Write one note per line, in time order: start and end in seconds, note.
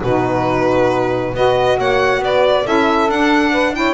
0.00 1.35 B2
0.00 1.31 F#4
0.00 1.36 B4
0.06 1.35 D#4
1.35 1.78 B3
1.35 2.65 F#4
1.35 1.77 B4
1.35 1.80 D#5
1.77 2.20 A#3
1.77 2.21 C#5
1.77 2.24 F#5
2.20 2.64 B3
2.20 2.65 B4
2.20 2.67 D5
2.65 3.08 C#4
2.65 3.09 E4
2.65 3.52 A4
2.65 3.11 E5
3.08 3.94 D4
3.08 3.74 D4
3.08 3.75 F#5
3.52 3.74 B4
3.74 3.94 E4
3.74 3.94 C#5
3.74 3.94 G5